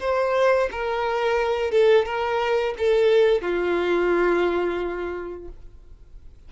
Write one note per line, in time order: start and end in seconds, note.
0.00 0.69 C5
0.71 1.71 A#4
1.71 2.05 A4
2.05 2.74 A#4
2.78 3.41 A4
3.41 5.48 F4